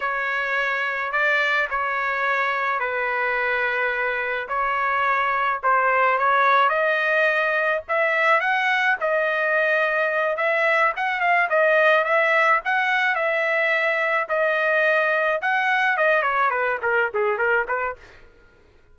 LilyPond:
\new Staff \with { instrumentName = "trumpet" } { \time 4/4 \tempo 4 = 107 cis''2 d''4 cis''4~ | cis''4 b'2. | cis''2 c''4 cis''4 | dis''2 e''4 fis''4 |
dis''2~ dis''8 e''4 fis''8 | f''8 dis''4 e''4 fis''4 e''8~ | e''4. dis''2 fis''8~ | fis''8 dis''8 cis''8 b'8 ais'8 gis'8 ais'8 b'8 | }